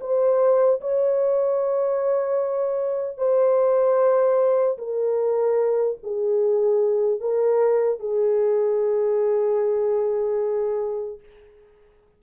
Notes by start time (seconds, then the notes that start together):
0.00 C5
0.80 C#5
3.17 C5
4.77 A#4
6.03 G#4
7.20 A#4
7.99 G#4